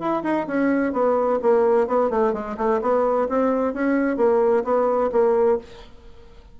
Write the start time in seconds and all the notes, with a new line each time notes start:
0.00 E4
0.23 D#4
0.48 C#4
0.93 B3
1.42 A#3
1.88 B3
2.10 A3
2.34 G#3
2.58 A3
2.82 B3
3.29 C4
3.74 C#4
4.17 A#3
4.64 B3
5.12 A#3